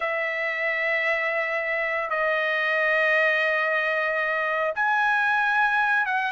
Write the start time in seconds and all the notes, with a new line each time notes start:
0.00 E5
2.10 D#5
4.75 G#5
6.06 F#5